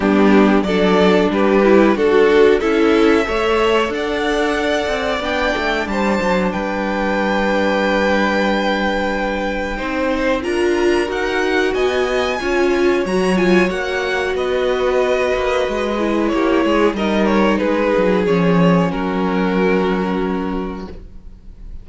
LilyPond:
<<
  \new Staff \with { instrumentName = "violin" } { \time 4/4 \tempo 4 = 92 g'4 d''4 b'4 a'4 | e''2 fis''2 | g''4 a''4 g''2~ | g''1 |
ais''4 fis''4 gis''2 | ais''8 gis''8 fis''4 dis''2~ | dis''4 cis''4 dis''8 cis''8 b'4 | cis''4 ais'2. | }
  \new Staff \with { instrumentName = "violin" } { \time 4/4 d'4 a'4 g'4 fis'4 | a'4 cis''4 d''2~ | d''4 c''4 b'2~ | b'2. c''4 |
ais'2 dis''4 cis''4~ | cis''2 b'2~ | b'4 g'8 gis'8 ais'4 gis'4~ | gis'4 fis'2. | }
  \new Staff \with { instrumentName = "viola" } { \time 4/4 b4 d'4. e'8 fis'4 | e'4 a'2. | d'1~ | d'2. dis'4 |
f'4 fis'2 f'4 | fis'8 f'8 fis'2.~ | fis'8 e'4. dis'2 | cis'1 | }
  \new Staff \with { instrumentName = "cello" } { \time 4/4 g4 fis4 g4 d'4 | cis'4 a4 d'4. c'8 | b8 a8 g8 fis8 g2~ | g2. c'4 |
d'4 dis'4 b4 cis'4 | fis4 ais4 b4. ais8 | gis4 ais8 gis8 g4 gis8 fis8 | f4 fis2. | }
>>